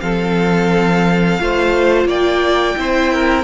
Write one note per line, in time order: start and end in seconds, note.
0.00 1.39 F3
0.00 1.39 C4
0.00 1.41 A4
0.00 2.07 F5
1.39 2.05 A3
1.39 2.76 F4
1.39 2.07 C5
2.05 2.74 A#3
2.05 2.76 D5
2.05 3.44 G5
2.76 3.44 C4
2.76 3.44 E4
2.76 3.13 C5
3.13 3.44 A#4